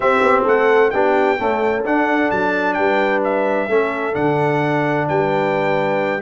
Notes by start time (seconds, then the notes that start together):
0.00 C4 G4 E5
0.21 B3
0.43 A3 A4 F#5
0.90 B3 D4 G4 G5
1.38 A3 C#4 A4
1.84 D4 F#5
2.30 F#3 A5
2.73 G3 B4 G5
3.24 E5
3.68 A3 C#4 A4
4.12 D3 D4 F#5
5.07 G3 B4 G5